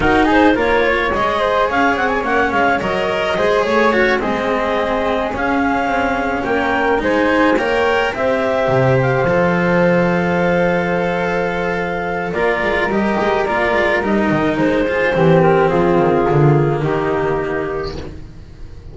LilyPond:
<<
  \new Staff \with { instrumentName = "clarinet" } { \time 4/4 \tempo 4 = 107 ais'8 c''8 cis''4 dis''4 f''8 fis''16 gis''16 | fis''8 f''8 dis''4. cis''4 dis''8~ | dis''4. f''2 g''8~ | g''8 gis''4 g''4 e''4. |
f''1~ | f''2 d''4 dis''4 | d''4 dis''4 c''4. ais'8 | gis'2 g'2 | }
  \new Staff \with { instrumentName = "flute" } { \time 4/4 fis'8 gis'8 ais'8 cis''4 c''8 cis''4~ | cis''2 c''8 cis''8 cis'8 gis'8~ | gis'2.~ gis'8 ais'8~ | ais'8 c''4 cis''4 c''4.~ |
c''1~ | c''2 ais'2~ | ais'2~ ais'8 gis'8 g'4 | f'2 dis'2 | }
  \new Staff \with { instrumentName = "cello" } { \time 4/4 dis'4 f'4 gis'2 | cis'4 ais'4 gis'4 fis'8 c'8~ | c'4. cis'2~ cis'8~ | cis'8 dis'4 ais'4 g'4.~ |
g'8 a'2.~ a'8~ | a'2 f'4 g'4 | f'4 dis'4. f'8 c'4~ | c'4 ais2. | }
  \new Staff \with { instrumentName = "double bass" } { \time 4/4 dis'4 ais4 gis4 cis'8 c'8 | ais8 gis8 fis4 gis8 a4 gis8~ | gis4. cis'4 c'4 ais8~ | ais8 gis4 ais4 c'4 c8~ |
c8 f2.~ f8~ | f2 ais8 gis8 g8 gis8 | ais8 gis8 g8 dis8 gis4 e4 | f8 dis8 d4 dis2 | }
>>